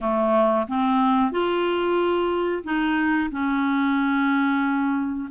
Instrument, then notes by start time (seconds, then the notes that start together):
clarinet
0.00 A3
0.68 C4
1.31 F4
2.63 D#4
3.31 C#4